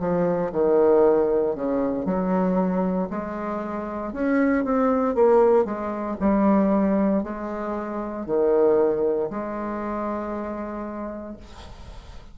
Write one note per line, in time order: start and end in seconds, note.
0.00 0.52 F3
0.52 1.56 D#3
1.56 2.05 C#3
2.05 3.09 F#3
3.10 4.13 G#3
4.13 4.65 C#4
4.65 5.15 C4
5.15 5.65 A#3
5.65 6.17 G#3
6.20 7.24 G3
7.24 8.27 G#3
8.27 9.30 D#3
9.30 11.37 G#3